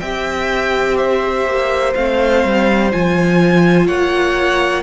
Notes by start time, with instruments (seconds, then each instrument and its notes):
0.00 cello C4, viola G4, violin E5 G5
0.97 violin C5 E5
1.46 cello A#3
1.95 cello A3, viola C4, violin F5
2.44 cello G3
2.92 cello F3, viola F4, violin G#5
3.86 cello A#3, violin C#5 F#5